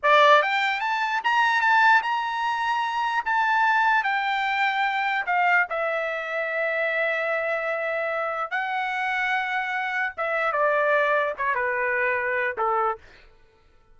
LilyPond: \new Staff \with { instrumentName = "trumpet" } { \time 4/4 \tempo 4 = 148 d''4 g''4 a''4 ais''4 | a''4 ais''2. | a''2 g''2~ | g''4 f''4 e''2~ |
e''1~ | e''4 fis''2.~ | fis''4 e''4 d''2 | cis''8 b'2~ b'8 a'4 | }